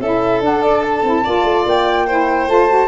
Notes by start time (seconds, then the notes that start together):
0.00 C#4 E4 A4 E5
0.41 D4 F#5
0.63 D5
0.83 A5
1.04 C4 E4
1.24 A#3 F4 D5
1.44 A3
1.66 A#3 G5
2.07 E4 C5
2.48 A3 F4 A5
2.69 F#4